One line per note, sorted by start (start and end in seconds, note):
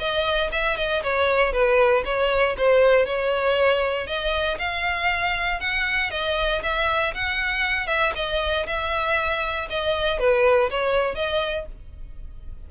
0.00 0.51 D#5
0.52 0.78 E5
0.78 1.03 D#5
1.04 1.53 C#5
1.53 2.04 B4
2.05 2.56 C#5
2.58 3.06 C5
3.06 4.07 C#5
4.07 4.58 D#5
4.59 5.61 F5
5.61 6.11 F#5
6.11 6.62 D#5
6.63 7.14 E5
7.15 7.87 F#5
7.87 8.13 E5
8.16 8.66 D#5
8.67 9.69 E5
9.70 10.19 D#5
10.19 10.70 B4
10.71 11.15 C#5
11.15 11.66 D#5